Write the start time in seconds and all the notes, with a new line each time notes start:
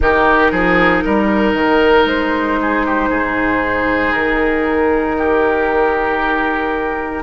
0.00 D#3 D#4 G4 A#4
0.51 F3 G#4
1.04 G3 A#4
1.53 D#3
2.05 G#3 C5
2.61 G#4
2.86 G4
3.09 G#2 G#4
4.12 D#3 A#4
5.18 G4